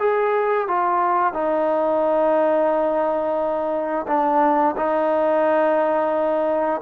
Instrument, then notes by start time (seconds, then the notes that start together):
trombone
0.00 G#4
0.68 F4
1.34 D#4
4.08 D4
4.77 D#4